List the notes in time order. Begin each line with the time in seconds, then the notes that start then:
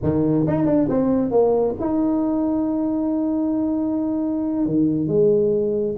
0.02 D#3
0.47 D#4
0.65 D4
0.89 C4
1.30 A#3
1.80 D#4
4.65 D#3
5.07 G#3